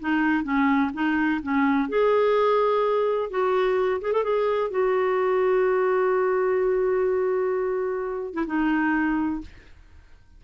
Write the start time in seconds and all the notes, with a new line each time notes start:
0.00 D#4
0.44 C#4
0.94 D#4
1.42 C#4
1.89 G#4
3.30 F#4
4.01 G#4
4.12 A4
4.24 G#4
4.71 F#4
8.34 E4
8.47 D#4